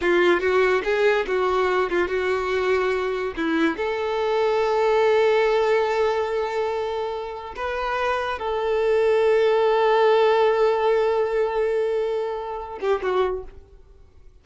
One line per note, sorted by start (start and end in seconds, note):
0.01 0.40 F4
0.40 0.82 F#4
0.84 1.25 G#4
1.27 1.90 F#4
1.90 2.08 F4
2.08 3.33 F#4
3.36 3.76 E4
3.76 7.54 A4
7.56 8.38 B4
8.38 12.79 A4
12.80 13.01 G4
13.02 13.44 F#4